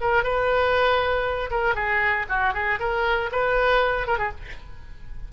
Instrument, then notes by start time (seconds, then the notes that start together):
oboe
0.00 A#4
0.23 B4
1.50 A#4
1.74 G#4
2.29 F#4
2.53 G#4
2.79 A#4
3.31 B4
4.07 A#4
4.18 G#4